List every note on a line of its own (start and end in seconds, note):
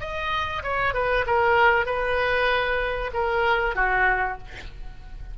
0.00 0.62 D#5
0.63 0.94 C#5
0.94 1.25 B4
1.26 1.86 A#4
1.86 3.11 B4
3.13 3.75 A#4
3.75 4.38 F#4